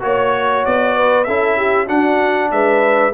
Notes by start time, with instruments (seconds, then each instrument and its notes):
0.00 tuba A#3, trombone F#4, trumpet C#5, horn C#5
0.65 tuba B3, trumpet D5
0.97 horn B4
1.24 tuba C#4, trombone E4, horn A4, trumpet E5
1.57 horn G4
1.86 trombone D4, tuba D4, horn F#4, trumpet F#5
2.51 tuba G#3, horn B4, trumpet E5